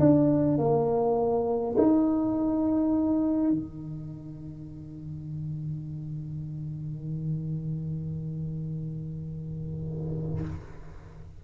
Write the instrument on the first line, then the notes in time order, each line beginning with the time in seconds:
tuba
0.00 D4
0.58 A#3
1.78 D#4
3.51 D#3